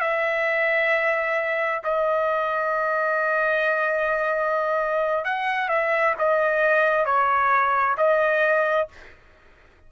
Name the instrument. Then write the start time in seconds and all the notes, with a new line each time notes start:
trumpet
0.00 E5
1.84 D#5
5.24 F#5
5.69 E5
6.19 D#5
7.05 C#5
7.98 D#5